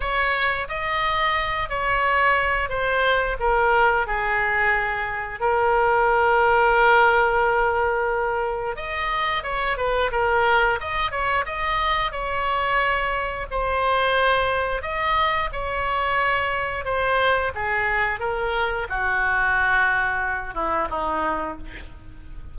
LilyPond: \new Staff \with { instrumentName = "oboe" } { \time 4/4 \tempo 4 = 89 cis''4 dis''4. cis''4. | c''4 ais'4 gis'2 | ais'1~ | ais'4 dis''4 cis''8 b'8 ais'4 |
dis''8 cis''8 dis''4 cis''2 | c''2 dis''4 cis''4~ | cis''4 c''4 gis'4 ais'4 | fis'2~ fis'8 e'8 dis'4 | }